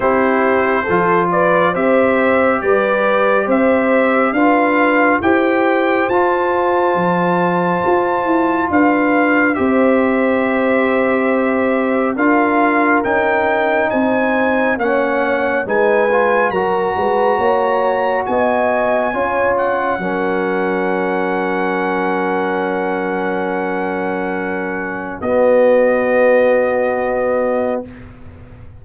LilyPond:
<<
  \new Staff \with { instrumentName = "trumpet" } { \time 4/4 \tempo 4 = 69 c''4. d''8 e''4 d''4 | e''4 f''4 g''4 a''4~ | a''2 f''4 e''4~ | e''2 f''4 g''4 |
gis''4 fis''4 gis''4 ais''4~ | ais''4 gis''4. fis''4.~ | fis''1~ | fis''4 dis''2. | }
  \new Staff \with { instrumentName = "horn" } { \time 4/4 g'4 a'8 b'8 c''4 b'4 | c''4 b'4 c''2~ | c''2 b'4 c''4~ | c''2 ais'2 |
c''4 cis''4 b'4 ais'8 b'8 | cis''4 dis''4 cis''4 ais'4~ | ais'1~ | ais'4 fis'2. | }
  \new Staff \with { instrumentName = "trombone" } { \time 4/4 e'4 f'4 g'2~ | g'4 f'4 g'4 f'4~ | f'2. g'4~ | g'2 f'4 dis'4~ |
dis'4 cis'4 dis'8 f'8 fis'4~ | fis'2 f'4 cis'4~ | cis'1~ | cis'4 b2. | }
  \new Staff \with { instrumentName = "tuba" } { \time 4/4 c'4 f4 c'4 g4 | c'4 d'4 e'4 f'4 | f4 f'8 e'8 d'4 c'4~ | c'2 d'4 cis'4 |
c'4 ais4 gis4 fis8 gis8 | ais4 b4 cis'4 fis4~ | fis1~ | fis4 b2. | }
>>